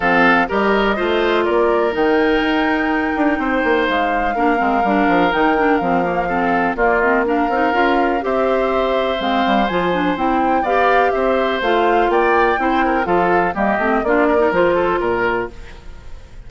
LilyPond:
<<
  \new Staff \with { instrumentName = "flute" } { \time 4/4 \tempo 4 = 124 f''4 dis''2 d''4 | g''1 | f''2. g''4 | f''2 d''8 dis''8 f''4~ |
f''4 e''2 f''4 | gis''4 g''4 f''4 e''4 | f''4 g''2 f''4 | dis''4 d''4 c''4 ais'4 | }
  \new Staff \with { instrumentName = "oboe" } { \time 4/4 a'4 ais'4 c''4 ais'4~ | ais'2. c''4~ | c''4 ais'2.~ | ais'4 a'4 f'4 ais'4~ |
ais'4 c''2.~ | c''2 d''4 c''4~ | c''4 d''4 c''8 ais'8 a'4 | g'4 f'8 ais'4 a'8 ais'4 | }
  \new Staff \with { instrumentName = "clarinet" } { \time 4/4 c'4 g'4 f'2 | dis'1~ | dis'4 d'8 c'8 d'4 dis'8 d'8 | c'8 ais8 c'4 ais8 c'8 d'8 dis'8 |
f'4 g'2 c'4 | f'8 d'8 e'4 g'2 | f'2 e'4 f'4 | ais8 c'8 d'8. dis'16 f'2 | }
  \new Staff \with { instrumentName = "bassoon" } { \time 4/4 f4 g4 a4 ais4 | dis4 dis'4. d'8 c'8 ais8 | gis4 ais8 gis8 g8 f8 dis4 | f2 ais4. c'8 |
cis'4 c'2 gis8 g8 | f4 c'4 b4 c'4 | a4 ais4 c'4 f4 | g8 a8 ais4 f4 ais,4 | }
>>